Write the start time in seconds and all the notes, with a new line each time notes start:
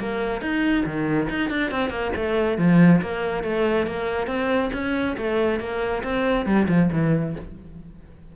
0.00 A#3
0.42 D#4
0.86 D#3
1.30 D#4
1.50 D4
1.71 C4
1.90 A#3
2.16 A3
2.58 F3
3.02 A#3
3.44 A3
3.87 A#3
4.27 C4
4.73 C#4
5.18 A3
5.60 A#3
6.04 C4
6.46 G3
6.68 F3
6.92 E3